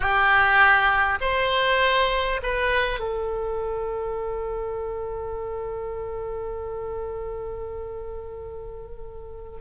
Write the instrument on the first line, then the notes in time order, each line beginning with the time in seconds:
oboe
0.00 G4
1.20 C5
2.42 B4
2.99 A4